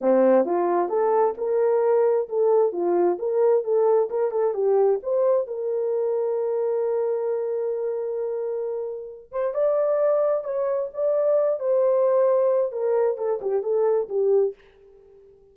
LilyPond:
\new Staff \with { instrumentName = "horn" } { \time 4/4 \tempo 4 = 132 c'4 f'4 a'4 ais'4~ | ais'4 a'4 f'4 ais'4 | a'4 ais'8 a'8 g'4 c''4 | ais'1~ |
ais'1~ | ais'8 c''8 d''2 cis''4 | d''4. c''2~ c''8 | ais'4 a'8 g'8 a'4 g'4 | }